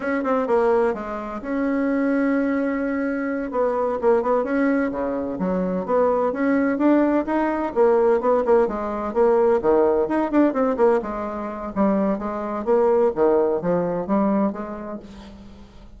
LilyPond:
\new Staff \with { instrumentName = "bassoon" } { \time 4/4 \tempo 4 = 128 cis'8 c'8 ais4 gis4 cis'4~ | cis'2.~ cis'8 b8~ | b8 ais8 b8 cis'4 cis4 fis8~ | fis8 b4 cis'4 d'4 dis'8~ |
dis'8 ais4 b8 ais8 gis4 ais8~ | ais8 dis4 dis'8 d'8 c'8 ais8 gis8~ | gis4 g4 gis4 ais4 | dis4 f4 g4 gis4 | }